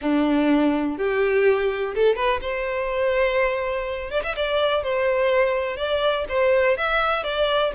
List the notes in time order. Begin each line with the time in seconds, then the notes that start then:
0.01 D4
0.97 G4
1.94 A4
2.15 B4
2.41 C5
4.10 D5
4.23 E5
4.36 D5
4.83 C5
5.76 D5
6.28 C5
6.77 E5
7.23 D5